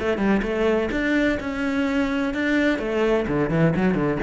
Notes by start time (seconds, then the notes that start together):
0.00 A3
0.18 G3
0.43 A3
0.92 D4
1.40 C#4
2.34 D4
2.79 A3
3.28 D3
3.50 E3
3.76 F#3
3.95 D3